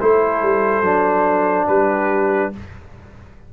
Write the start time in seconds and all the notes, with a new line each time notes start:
0.00 A3 E4 A4 C5
0.42 G3
0.81 F#3 D4
1.67 G3 G4 B4